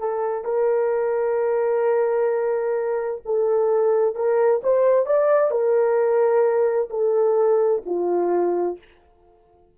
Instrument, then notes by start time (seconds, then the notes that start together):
horn
0.00 A4
0.45 A#4
3.26 A4
4.15 A#4
4.64 C5
5.06 D5
5.51 A#4
6.90 A4
7.86 F4